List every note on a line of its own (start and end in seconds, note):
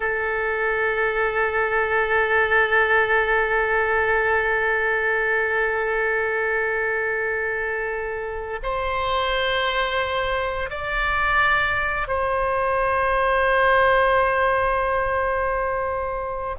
0.00 8.59 A4
8.62 10.69 C5
10.70 12.07 D5
12.07 16.55 C5